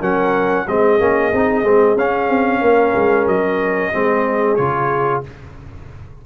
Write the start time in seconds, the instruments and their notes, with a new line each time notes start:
0.00 tuba F#3, trombone C#4, horn A#4, trumpet F#5
0.66 tuba G#3, trombone C4, horn G#4, trumpet D#5
1.00 tuba A#3, trombone C#4
1.33 tuba C4, trombone D#4
1.64 tuba G#3, trombone C4
1.97 tuba C#4, trombone C#4, trumpet F5
2.29 tuba C4
2.62 tuba A#3, horn A#4
2.96 tuba G#3
3.27 tuba F#3, trumpet D#5
3.93 tuba G#3, trombone C4, horn G#4
4.56 tuba C#3, trombone F4, trumpet C#5